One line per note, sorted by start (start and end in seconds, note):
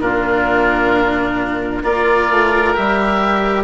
0.00 1.82 A#2
0.00 1.84 D4
0.00 1.83 F4
0.00 1.83 A#4
1.83 2.30 A#3
1.83 2.74 F4
1.83 3.64 A#4
1.83 2.75 D5
2.30 2.76 A3
2.74 3.64 G3
2.74 3.64 G4
2.74 3.64 E5